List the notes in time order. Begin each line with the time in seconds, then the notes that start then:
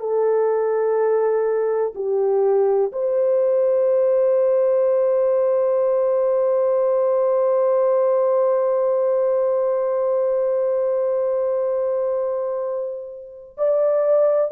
0.00 A4
1.95 G4
2.92 C5
13.57 D5